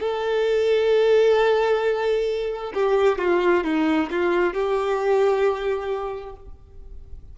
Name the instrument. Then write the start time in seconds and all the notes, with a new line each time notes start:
violin
0.00 A4
2.74 G4
3.19 F4
3.64 D#4
4.11 F4
4.54 G4